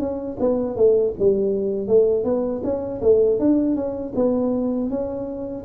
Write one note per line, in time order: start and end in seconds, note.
0.00 0.38 C#4
0.40 0.77 B3
0.77 1.14 A3
1.19 1.88 G3
1.88 2.24 A3
2.24 2.62 B3
2.64 3.01 C#4
3.02 3.40 A3
3.40 3.76 D4
3.76 4.14 C#4
4.16 4.90 B3
4.90 5.65 C#4